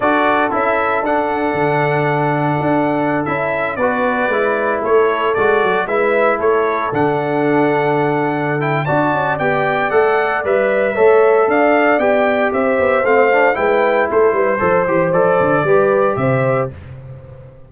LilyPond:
<<
  \new Staff \with { instrumentName = "trumpet" } { \time 4/4 \tempo 4 = 115 d''4 e''4 fis''2~ | fis''2~ fis''16 e''4 d''8.~ | d''4~ d''16 cis''4 d''4 e''8.~ | e''16 cis''4 fis''2~ fis''8.~ |
fis''8 g''8 a''4 g''4 fis''4 | e''2 f''4 g''4 | e''4 f''4 g''4 c''4~ | c''4 d''2 e''4 | }
  \new Staff \with { instrumentName = "horn" } { \time 4/4 a'1~ | a'2.~ a'16 b'8.~ | b'4~ b'16 a'2 b'8.~ | b'16 a'2.~ a'8.~ |
a'4 d''2.~ | d''4 cis''4 d''2 | c''2 b'4 a'8 b'8 | c''2 b'4 c''4 | }
  \new Staff \with { instrumentName = "trombone" } { \time 4/4 fis'4 e'4 d'2~ | d'2~ d'16 e'4 fis'8.~ | fis'16 e'2 fis'4 e'8.~ | e'4~ e'16 d'2~ d'8.~ |
d'8 e'8 fis'4 g'4 a'4 | b'4 a'2 g'4~ | g'4 c'8 d'8 e'2 | a'8 g'8 a'4 g'2 | }
  \new Staff \with { instrumentName = "tuba" } { \time 4/4 d'4 cis'4 d'4 d4~ | d4 d'4~ d'16 cis'4 b8.~ | b16 gis4 a4 gis8 fis8 gis8.~ | gis16 a4 d2~ d8.~ |
d4 d'8 cis'8 b4 a4 | g4 a4 d'4 b4 | c'8 b8 a4 gis4 a8 g8 | f8 e8 f8 d8 g4 c4 | }
>>